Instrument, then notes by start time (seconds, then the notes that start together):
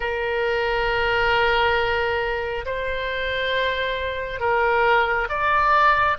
oboe
0.00 A#4
2.65 C5
4.40 A#4
5.29 D5